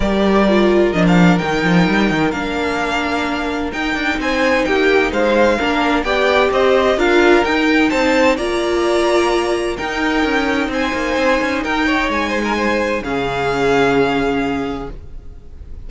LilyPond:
<<
  \new Staff \with { instrumentName = "violin" } { \time 4/4 \tempo 4 = 129 d''2 dis''16 f''8. g''4~ | g''4 f''2. | g''4 gis''4 g''4 f''4~ | f''4 g''4 dis''4 f''4 |
g''4 a''4 ais''2~ | ais''4 g''2 gis''4~ | gis''4 g''4 gis''2 | f''1 | }
  \new Staff \with { instrumentName = "violin" } { \time 4/4 ais'1~ | ais'1~ | ais'4 c''4 g'4 c''4 | ais'4 d''4 c''4 ais'4~ |
ais'4 c''4 d''2~ | d''4 ais'2 c''4~ | c''4 ais'8 cis''4 c''16 ais'16 c''4 | gis'1 | }
  \new Staff \with { instrumentName = "viola" } { \time 4/4 g'4 f'4 d'4 dis'4~ | dis'4 d'2. | dis'1 | d'4 g'2 f'4 |
dis'2 f'2~ | f'4 dis'2.~ | dis'1 | cis'1 | }
  \new Staff \with { instrumentName = "cello" } { \time 4/4 g2 f4 dis8 f8 | g8 dis8 ais2. | dis'8 d'8 c'4 ais4 gis4 | ais4 b4 c'4 d'4 |
dis'4 c'4 ais2~ | ais4 dis'4 cis'4 c'8 ais8 | c'8 cis'8 dis'4 gis2 | cis1 | }
>>